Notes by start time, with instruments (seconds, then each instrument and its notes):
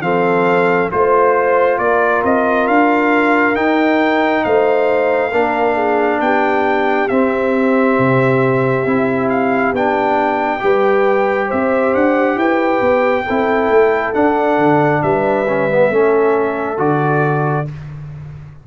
0.00 tuba F3, trombone C4, horn A4, trumpet F5
0.91 tuba A3, trombone F4, trumpet C5, horn C5
1.78 tuba A#3, horn A#4, trumpet D5
2.24 tuba C4, trumpet D#5
2.67 tuba D4, trumpet F5
3.55 trombone D#4, tuba D#4, trumpet G5
4.44 tuba A3, horn C5, trumpet F5
5.30 tuba A#3, trombone D4, horn A#4
5.74 horn G#4
6.20 tuba B3, horn G4, trumpet G5
7.08 trombone C4, tuba C4, trumpet E5
7.98 tuba C3
8.85 tuba C4, trombone E4
9.29 trumpet F5
9.72 tuba B3, trombone D4, trumpet G5
10.59 tuba G3, trombone G4, horn B4
11.47 tuba C4, horn C5, trumpet E5
11.94 tuba D4, trumpet F#5
12.36 tuba E4, horn B4, trumpet G5
12.80 tuba B3
13.25 tuba C4, trombone E4, horn A4
13.69 tuba A3
14.14 trombone D4, tuba D4, trumpet F#5
14.58 tuba D3
15.02 tuba G3, horn B4, trumpet E5
15.48 trombone C#4
15.69 trombone B3
15.90 tuba A3, trombone C#4, horn A4
16.77 tuba D3, trombone F#4, trumpet D5